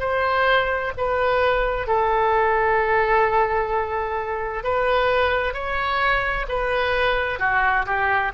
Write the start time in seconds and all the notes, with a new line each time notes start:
0.00 C5
0.98 B4
1.88 A4
4.64 B4
5.54 C#5
6.49 B4
7.40 F#4
7.86 G4